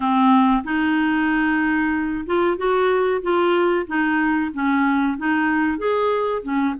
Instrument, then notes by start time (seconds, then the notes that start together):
clarinet
0.00 C4
0.63 D#4
2.26 F4
2.57 F#4
3.22 F4
3.87 D#4
4.53 C#4
5.17 D#4
5.77 G#4
6.42 C#4